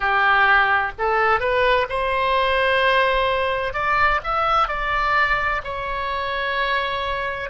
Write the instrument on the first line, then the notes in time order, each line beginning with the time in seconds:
oboe
0.00 G4
0.98 A4
1.40 B4
1.89 C5
3.73 D5
4.23 E5
4.67 D5
5.63 C#5